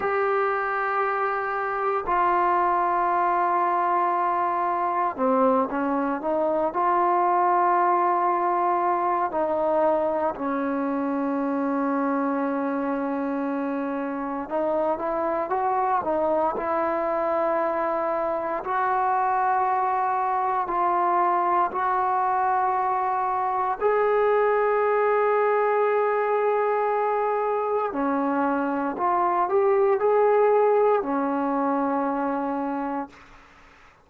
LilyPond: \new Staff \with { instrumentName = "trombone" } { \time 4/4 \tempo 4 = 58 g'2 f'2~ | f'4 c'8 cis'8 dis'8 f'4.~ | f'4 dis'4 cis'2~ | cis'2 dis'8 e'8 fis'8 dis'8 |
e'2 fis'2 | f'4 fis'2 gis'4~ | gis'2. cis'4 | f'8 g'8 gis'4 cis'2 | }